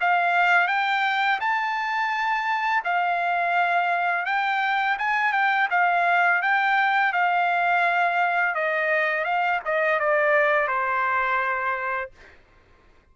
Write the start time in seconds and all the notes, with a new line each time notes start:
0.00 F5
0.67 G5
1.40 A5
2.84 F5
4.25 G5
4.98 G#5
5.32 G5
5.70 F5
6.42 G5
7.12 F5
8.55 D#5
9.24 F5
9.65 D#5
9.99 D5
10.67 C5